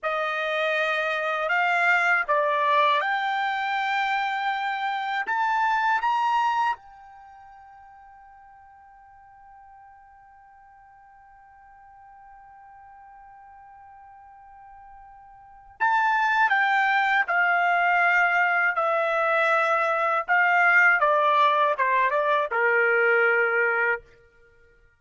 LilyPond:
\new Staff \with { instrumentName = "trumpet" } { \time 4/4 \tempo 4 = 80 dis''2 f''4 d''4 | g''2. a''4 | ais''4 g''2.~ | g''1~ |
g''1~ | g''4 a''4 g''4 f''4~ | f''4 e''2 f''4 | d''4 c''8 d''8 ais'2 | }